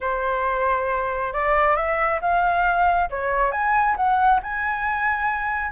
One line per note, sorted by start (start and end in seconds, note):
0.00 1.33 C5
1.33 1.75 D5
1.75 2.20 E5
2.21 3.09 F5
3.09 3.51 C#5
3.51 3.95 G#5
3.96 4.40 F#5
4.42 5.72 G#5